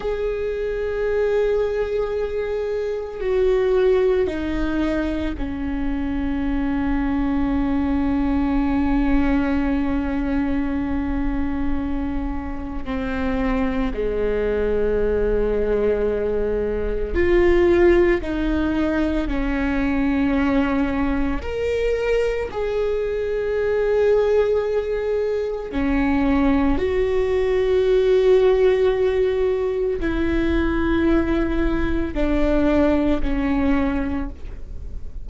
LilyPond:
\new Staff \with { instrumentName = "viola" } { \time 4/4 \tempo 4 = 56 gis'2. fis'4 | dis'4 cis'2.~ | cis'1 | c'4 gis2. |
f'4 dis'4 cis'2 | ais'4 gis'2. | cis'4 fis'2. | e'2 d'4 cis'4 | }